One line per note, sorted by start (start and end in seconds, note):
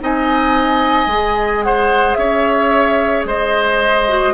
0.00 1.06 C4
0.00 1.09 D#4
0.00 1.65 D#5
0.00 1.63 G#5
1.06 2.15 G#3
1.06 4.09 G#4
1.63 2.18 C5
1.63 2.14 F#5
2.14 3.25 C#4
2.14 3.27 C#5
2.14 3.23 E5
3.25 4.34 G#3
3.25 4.34 C5
3.25 4.34 D#5
4.09 4.34 F#4